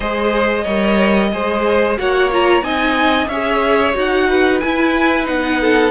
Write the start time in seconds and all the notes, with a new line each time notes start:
0.00 G#3 G#4 C5 D#5
0.63 G3 A#4 C#5
1.32 G#3 G#4 C5
1.97 A#3 F#4 C#5 F#5
2.31 F4 A#5
2.61 C4 D#4 D#5 G#5
3.28 C#4 G#4 C#5 E5
3.93 D#4 F#4 F#5
4.29 B4
4.59 E4 G#5
5.25 B3 D#4 F#5
5.60 A4